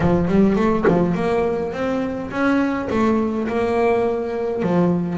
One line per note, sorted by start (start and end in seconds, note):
0.00 0.27 F3
0.27 0.55 G3
0.55 0.84 A3
0.88 1.15 F3
1.15 1.72 A#3
1.72 2.30 C4
2.30 2.88 C#4
2.90 3.47 A3
3.48 4.62 A#3
4.62 5.18 F3